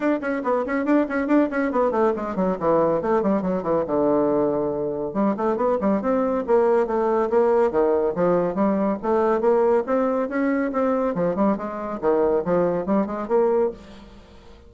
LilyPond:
\new Staff \with { instrumentName = "bassoon" } { \time 4/4 \tempo 4 = 140 d'8 cis'8 b8 cis'8 d'8 cis'8 d'8 cis'8 | b8 a8 gis8 fis8 e4 a8 g8 | fis8 e8 d2. | g8 a8 b8 g8 c'4 ais4 |
a4 ais4 dis4 f4 | g4 a4 ais4 c'4 | cis'4 c'4 f8 g8 gis4 | dis4 f4 g8 gis8 ais4 | }